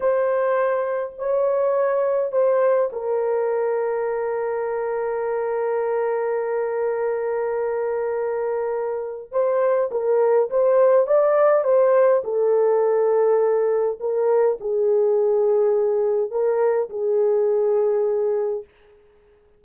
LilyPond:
\new Staff \with { instrumentName = "horn" } { \time 4/4 \tempo 4 = 103 c''2 cis''2 | c''4 ais'2.~ | ais'1~ | ais'1 |
c''4 ais'4 c''4 d''4 | c''4 a'2. | ais'4 gis'2. | ais'4 gis'2. | }